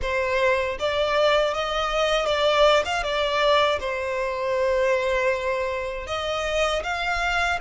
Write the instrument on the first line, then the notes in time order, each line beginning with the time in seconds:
violin
0.01 C5
0.79 D5
1.54 D#5
2.26 D5
2.85 F5
3.03 D5
3.79 C5
6.06 D#5
6.83 F5